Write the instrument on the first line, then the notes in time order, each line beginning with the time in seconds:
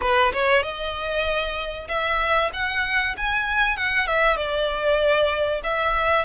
violin
0.01 B4
0.32 C#5
0.62 D#5
1.88 E5
2.53 F#5
3.17 G#5
3.77 F#5
4.06 E5
4.36 D5
5.63 E5